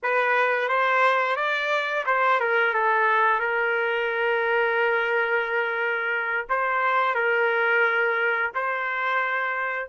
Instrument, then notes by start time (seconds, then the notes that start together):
trumpet
0.02 B4
0.68 C5
1.36 D5
2.06 C5
2.40 A#4
2.73 A4
3.39 A#4
6.49 C5
7.14 A#4
8.54 C5